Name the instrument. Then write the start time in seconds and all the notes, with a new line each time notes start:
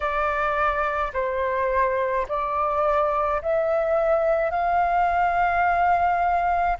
flute
0.00 D5
1.13 C5
2.28 D5
3.42 E5
4.50 F5